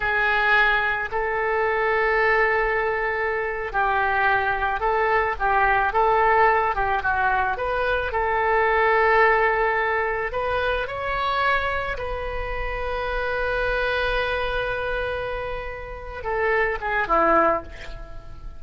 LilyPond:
\new Staff \with { instrumentName = "oboe" } { \time 4/4 \tempo 4 = 109 gis'2 a'2~ | a'2~ a'8. g'4~ g'16~ | g'8. a'4 g'4 a'4~ a'16~ | a'16 g'8 fis'4 b'4 a'4~ a'16~ |
a'2~ a'8. b'4 cis''16~ | cis''4.~ cis''16 b'2~ b'16~ | b'1~ | b'4. a'4 gis'8 e'4 | }